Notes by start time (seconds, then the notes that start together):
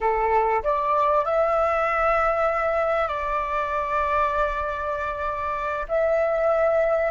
0.00 A4
0.63 D5
1.25 E5
3.08 D5
5.88 E5